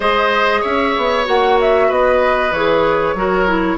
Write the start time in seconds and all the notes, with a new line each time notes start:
0.00 G#3 G#4 C5 D#5
0.61 C#4 C#5 E5
0.96 B3
1.24 A#3 F#4 F#5
1.60 E5
1.88 B3 B4 D#5
2.51 E3 G#4 C#5
3.14 F#3 F#4 A#4
3.47 E4